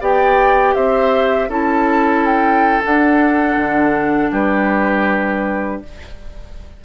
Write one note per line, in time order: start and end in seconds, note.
0.00 0.75 B3
0.00 1.49 G4
0.00 0.75 D5
0.00 0.74 G5
0.74 1.48 C4
0.74 1.49 C5
0.74 1.49 E5
1.48 2.79 C#4
1.48 2.81 E4
1.48 4.30 A4
1.48 2.25 A5
2.25 2.82 G5
2.84 5.84 D4
2.84 3.56 D4
2.84 4.32 F#5
3.56 4.31 D3
4.31 5.81 G3
4.31 5.81 G4
4.31 5.82 B4